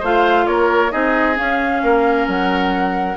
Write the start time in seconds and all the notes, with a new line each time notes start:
0.00 A3 F4 C5 F5
0.47 A#3 A#4 C#5
0.91 C4 D#4 G#4 D#5
1.35 C#4 F5
1.83 A#3 A#4
2.28 F#3 F#5